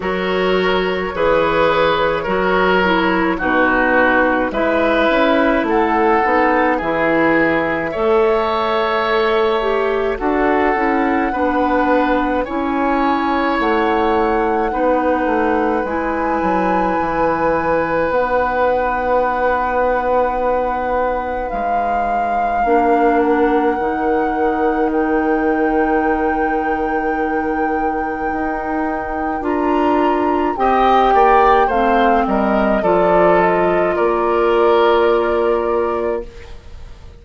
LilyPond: <<
  \new Staff \with { instrumentName = "flute" } { \time 4/4 \tempo 4 = 53 cis''2. b'4 | e''4 fis''4 e''2~ | e''4 fis''2 gis''4 | fis''2 gis''2 |
fis''2. f''4~ | f''8 fis''4. g''2~ | g''2 ais''4 g''4 | f''8 dis''8 d''8 dis''8 d''2 | }
  \new Staff \with { instrumentName = "oboe" } { \time 4/4 ais'4 b'4 ais'4 fis'4 | b'4 a'4 gis'4 cis''4~ | cis''4 a'4 b'4 cis''4~ | cis''4 b'2.~ |
b'1 | ais'1~ | ais'2. dis''8 d''8 | c''8 ais'8 a'4 ais'2 | }
  \new Staff \with { instrumentName = "clarinet" } { \time 4/4 fis'4 gis'4 fis'8 e'8 dis'4 | e'4. dis'8 e'4 a'4~ | a'8 g'8 fis'8 e'8 d'4 e'4~ | e'4 dis'4 e'2 |
dis'1 | d'4 dis'2.~ | dis'2 f'4 g'4 | c'4 f'2. | }
  \new Staff \with { instrumentName = "bassoon" } { \time 4/4 fis4 e4 fis4 b,4 | gis8 cis'8 a8 b8 e4 a4~ | a4 d'8 cis'8 b4 cis'4 | a4 b8 a8 gis8 fis8 e4 |
b2. gis4 | ais4 dis2.~ | dis4 dis'4 d'4 c'8 ais8 | a8 g8 f4 ais2 | }
>>